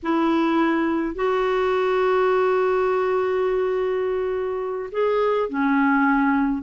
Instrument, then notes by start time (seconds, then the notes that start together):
clarinet
0.02 E4
1.15 F#4
4.91 G#4
5.49 C#4